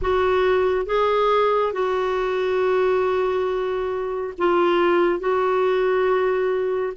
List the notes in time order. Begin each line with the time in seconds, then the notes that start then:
0.01 F#4
0.86 G#4
1.72 F#4
4.38 F4
5.19 F#4